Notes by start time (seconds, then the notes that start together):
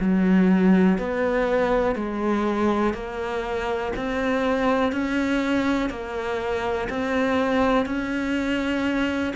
0.00 F#3
0.98 B3
1.96 G#3
2.94 A#3
3.96 C4
4.92 C#4
5.90 A#3
6.89 C4
7.86 C#4